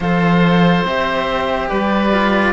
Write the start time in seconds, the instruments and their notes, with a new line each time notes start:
0.00 cello F3 A4, oboe C5, flute F5
0.83 cello C4 G4, flute E5
1.68 cello G3, oboe B4, flute D5
2.12 cello F4